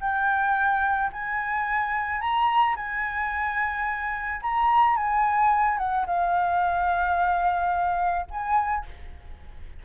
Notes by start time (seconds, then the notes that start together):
0.00 G5
1.12 G#5
2.20 A#5
2.75 G#5
4.42 A#5
4.96 G#5
5.78 F#5
6.06 F5
8.30 G#5